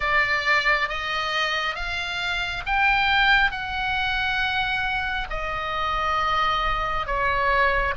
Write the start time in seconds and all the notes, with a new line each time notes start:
0.00 D5
0.88 D#5
1.74 F5
2.66 G5
3.51 F#5
5.29 D#5
7.06 C#5